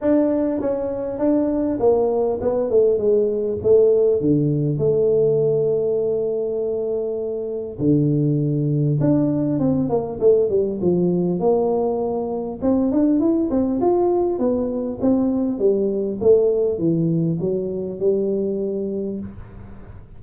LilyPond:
\new Staff \with { instrumentName = "tuba" } { \time 4/4 \tempo 4 = 100 d'4 cis'4 d'4 ais4 | b8 a8 gis4 a4 d4 | a1~ | a4 d2 d'4 |
c'8 ais8 a8 g8 f4 ais4~ | ais4 c'8 d'8 e'8 c'8 f'4 | b4 c'4 g4 a4 | e4 fis4 g2 | }